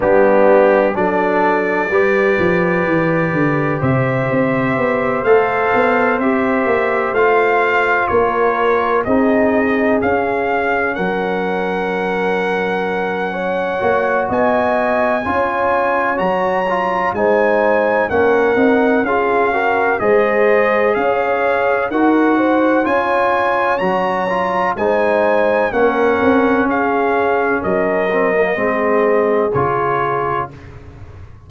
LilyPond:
<<
  \new Staff \with { instrumentName = "trumpet" } { \time 4/4 \tempo 4 = 63 g'4 d''2. | e''4. f''4 e''4 f''8~ | f''8 cis''4 dis''4 f''4 fis''8~ | fis''2. gis''4~ |
gis''4 ais''4 gis''4 fis''4 | f''4 dis''4 f''4 fis''4 | gis''4 ais''4 gis''4 fis''4 | f''4 dis''2 cis''4 | }
  \new Staff \with { instrumentName = "horn" } { \time 4/4 d'4 a'4 b'2 | c''1~ | c''8 ais'4 gis'2 ais'8~ | ais'2 cis''4 dis''4 |
cis''2 c''4 ais'4 | gis'8 ais'8 c''4 cis''4 ais'8 c''8 | cis''2 c''4 ais'4 | gis'4 ais'4 gis'2 | }
  \new Staff \with { instrumentName = "trombone" } { \time 4/4 b4 d'4 g'2~ | g'4. a'4 g'4 f'8~ | f'4. dis'4 cis'4.~ | cis'2~ cis'8 fis'4. |
f'4 fis'8 f'8 dis'4 cis'8 dis'8 | f'8 fis'8 gis'2 fis'4 | f'4 fis'8 f'8 dis'4 cis'4~ | cis'4. c'16 ais16 c'4 f'4 | }
  \new Staff \with { instrumentName = "tuba" } { \time 4/4 g4 fis4 g8 f8 e8 d8 | c8 c'8 b8 a8 b8 c'8 ais8 a8~ | a8 ais4 c'4 cis'4 fis8~ | fis2~ fis8 ais8 b4 |
cis'4 fis4 gis4 ais8 c'8 | cis'4 gis4 cis'4 dis'4 | cis'4 fis4 gis4 ais8 c'8 | cis'4 fis4 gis4 cis4 | }
>>